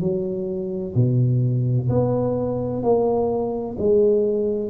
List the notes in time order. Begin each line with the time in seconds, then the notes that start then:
0.00 F#3
0.95 B2
1.89 B3
2.83 A#3
3.78 G#3